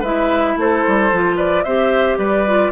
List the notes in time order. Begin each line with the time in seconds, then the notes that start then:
0.00 G#3 E4 B4 E5
0.57 A3 A4 C5
0.88 G3
1.12 F3 F4
1.36 B4 D5
1.64 C4 G4 C5 E5
2.18 G3 B4 D5
2.47 F4